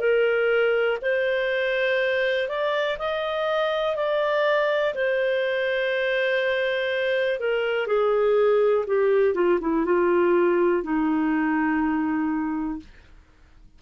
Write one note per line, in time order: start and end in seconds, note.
0.00 0.98 A#4
1.02 2.49 C5
2.49 2.98 D5
2.99 3.96 D#5
3.96 4.94 D5
4.95 7.40 C5
7.40 7.87 A#4
7.87 8.86 G#4
8.87 9.35 G4
9.35 9.59 F4
9.61 9.85 E4
9.85 10.84 F4
10.84 12.80 D#4